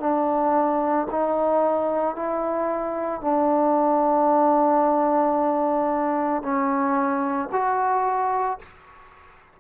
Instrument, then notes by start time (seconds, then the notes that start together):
trombone
0.00 D4
1.11 D#4
2.16 E4
3.21 D4
6.42 C#4
7.52 F#4